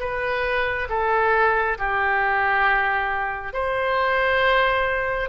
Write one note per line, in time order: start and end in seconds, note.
0.00 0.88 B4
0.89 1.78 A4
1.78 3.53 G4
3.53 5.29 C5